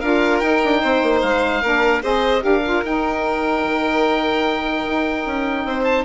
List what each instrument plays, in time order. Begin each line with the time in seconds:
0.00 bassoon D4, saxophone F4, violin A#4, oboe F5
0.39 bassoon D#4, saxophone D#4, oboe G5
0.65 bassoon D4
0.82 bassoon C4, violin C5
1.03 bassoon A#3
1.22 bassoon G#3, oboe F5
1.62 bassoon A#3, saxophone D4, violin A#4
2.03 bassoon C4, saxophone G#4, violin C5, oboe D#5
2.40 bassoon D4, saxophone G4, violin A#4, oboe F5
2.64 saxophone F4
2.84 bassoon D#4, saxophone D#4, oboe G5
3.64 bassoon D#3
4.85 bassoon D#4
5.26 bassoon C#4
5.65 bassoon C4, violin C5
5.84 oboe A5